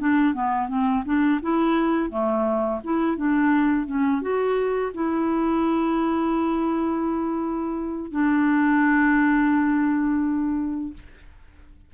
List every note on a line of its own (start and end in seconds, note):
0.00 0.34 D4
0.34 0.68 B3
0.68 1.04 C4
1.06 1.41 D4
1.42 2.10 E4
2.10 2.81 A3
2.84 3.17 E4
3.17 3.87 D4
3.87 4.22 C#4
4.22 4.93 F#4
4.94 8.11 E4
8.11 10.94 D4